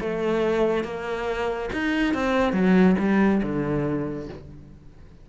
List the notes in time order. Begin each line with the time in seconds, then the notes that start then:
0.00 A3
0.84 A#3
1.73 D#4
2.14 C4
2.53 F#3
2.98 G3
3.43 D3